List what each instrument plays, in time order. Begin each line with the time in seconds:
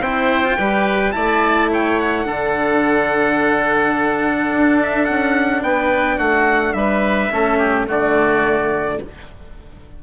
0.00 bassoon C4, cello E4, oboe C5, trumpet G5
0.44 cello F4
0.58 bassoon G3, cello G4, oboe B4
1.12 bassoon A3, cello E4, oboe D5, trumpet A5
1.72 oboe C#5, trumpet G5
2.01 trumpet F#5
2.25 bassoon D3, cello D4, oboe A4
4.52 bassoon D4
4.82 trumpet E5
5.05 bassoon C#4, trumpet F#5
5.62 bassoon B3, oboe B4, trumpet G5
6.17 bassoon A3, oboe F#4, trumpet F#5
6.74 bassoon G3, oboe B4, trumpet E5
7.32 bassoon A3, cello C#4, oboe A4
7.59 oboe G4
7.87 bassoon D3, cello A3, oboe F#4, trumpet D5